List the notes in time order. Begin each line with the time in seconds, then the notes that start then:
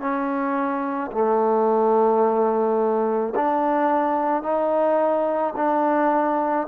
0.00 C#4
1.12 A3
3.35 D4
4.43 D#4
5.56 D4